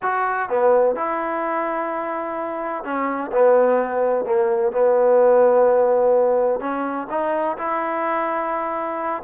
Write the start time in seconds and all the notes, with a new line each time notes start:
0.02 F#4
0.49 B3
0.95 E4
2.83 C#4
3.32 B3
4.25 A#3
4.72 B3
6.59 C#4
7.10 D#4
7.57 E4